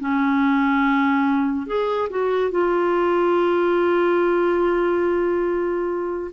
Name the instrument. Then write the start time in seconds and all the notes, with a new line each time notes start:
clarinet
0.00 C#4
1.66 G#4
2.10 F#4
2.51 F4